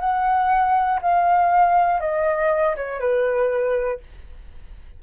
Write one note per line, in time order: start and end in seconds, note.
0.00 1.00 F#5
1.02 2.01 F5
2.01 2.76 D#5
2.77 3.00 C#5
3.00 4.00 B4